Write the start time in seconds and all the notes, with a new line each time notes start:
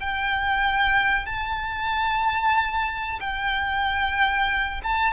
0.00 G5
1.26 A5
3.20 G5
4.83 A5